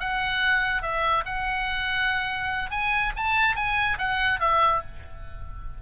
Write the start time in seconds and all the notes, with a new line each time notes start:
0.00 F#5
0.83 E5
1.26 F#5
2.71 G#5
3.17 A5
3.56 G#5
3.99 F#5
4.40 E5